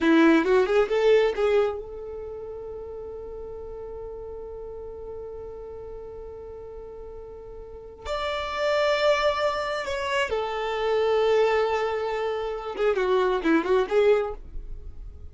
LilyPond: \new Staff \with { instrumentName = "violin" } { \time 4/4 \tempo 4 = 134 e'4 fis'8 gis'8 a'4 gis'4 | a'1~ | a'1~ | a'1~ |
a'2 d''2~ | d''2 cis''4 a'4~ | a'1~ | a'8 gis'8 fis'4 e'8 fis'8 gis'4 | }